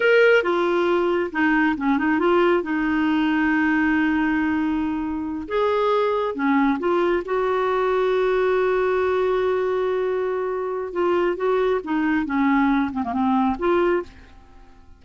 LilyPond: \new Staff \with { instrumentName = "clarinet" } { \time 4/4 \tempo 4 = 137 ais'4 f'2 dis'4 | cis'8 dis'8 f'4 dis'2~ | dis'1~ | dis'8 gis'2 cis'4 f'8~ |
f'8 fis'2.~ fis'8~ | fis'1~ | fis'4 f'4 fis'4 dis'4 | cis'4. c'16 ais16 c'4 f'4 | }